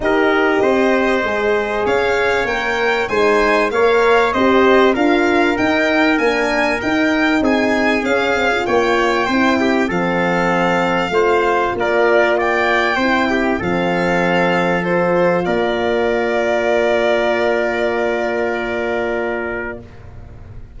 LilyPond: <<
  \new Staff \with { instrumentName = "violin" } { \time 4/4 \tempo 4 = 97 dis''2. f''4 | g''4 gis''4 f''4 dis''4 | f''4 g''4 gis''4 g''4 | gis''4 f''4 g''2 |
f''2. d''4 | g''2 f''2 | c''4 d''2.~ | d''1 | }
  \new Staff \with { instrumentName = "trumpet" } { \time 4/4 ais'4 c''2 cis''4~ | cis''4 c''4 cis''4 c''4 | ais'1 | gis'2 cis''4 c''8 g'8 |
a'2 c''4 ais'4 | d''4 c''8 g'8 a'2~ | a'4 ais'2.~ | ais'1 | }
  \new Staff \with { instrumentName = "horn" } { \time 4/4 g'2 gis'2 | ais'4 dis'4 ais'4 g'4 | f'4 dis'4 d'4 dis'4~ | dis'4 cis'8 c'16 f'4~ f'16 e'4 |
c'2 f'2~ | f'4 e'4 c'2 | f'1~ | f'1 | }
  \new Staff \with { instrumentName = "tuba" } { \time 4/4 dis'4 c'4 gis4 cis'4 | ais4 gis4 ais4 c'4 | d'4 dis'4 ais4 dis'4 | c'4 cis'4 ais4 c'4 |
f2 a4 ais4~ | ais4 c'4 f2~ | f4 ais2.~ | ais1 | }
>>